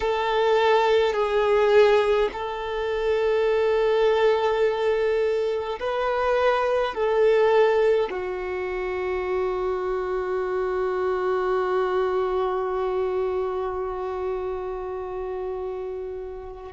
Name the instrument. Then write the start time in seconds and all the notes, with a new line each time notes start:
violin
0.00 A4
1.13 G#4
2.32 A4
5.79 B4
6.94 A4
8.10 F#4